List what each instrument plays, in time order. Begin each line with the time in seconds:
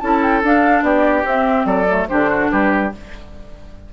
0.00 bassoon C#4, clarinet E4, oboe A4, flute A5
0.22 flute G5
0.43 bassoon D4, clarinet D4, flute F5
0.82 bassoon B3, oboe G4, flute D5
1.25 clarinet C4, bassoon C4, flute E5
1.65 bassoon F#3, oboe A4, flute D5
1.88 clarinet A3
2.08 bassoon D3, clarinet D4, oboe G4, flute C5
2.30 oboe F#4
2.51 bassoon G3, oboe G4, flute B4